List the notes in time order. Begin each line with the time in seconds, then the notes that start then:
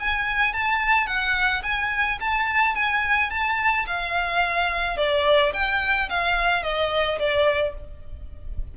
0.00 G#5
0.53 A5
1.07 F#5
1.63 G#5
2.20 A5
2.75 G#5
3.30 A5
3.87 F5
4.97 D5
5.54 G5
6.10 F5
6.63 D#5
7.19 D5